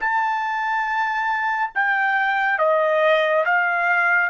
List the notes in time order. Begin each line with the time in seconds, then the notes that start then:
0.00 A5
1.75 G5
2.58 D#5
3.45 F5